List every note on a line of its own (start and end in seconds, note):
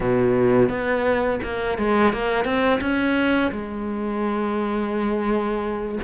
0.00 0.69 B2
0.69 1.39 B3
1.43 1.78 A#3
1.78 2.12 G#3
2.12 2.44 A#3
2.44 2.79 C4
2.80 3.51 C#4
3.51 5.98 G#3